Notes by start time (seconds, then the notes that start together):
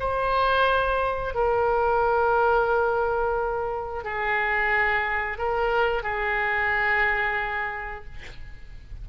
0.00 C5
1.35 A#4
4.04 G#4
5.38 A#4
6.03 G#4